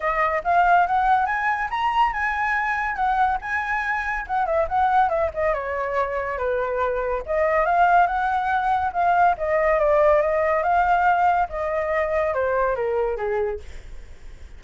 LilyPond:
\new Staff \with { instrumentName = "flute" } { \time 4/4 \tempo 4 = 141 dis''4 f''4 fis''4 gis''4 | ais''4 gis''2 fis''4 | gis''2 fis''8 e''8 fis''4 | e''8 dis''8 cis''2 b'4~ |
b'4 dis''4 f''4 fis''4~ | fis''4 f''4 dis''4 d''4 | dis''4 f''2 dis''4~ | dis''4 c''4 ais'4 gis'4 | }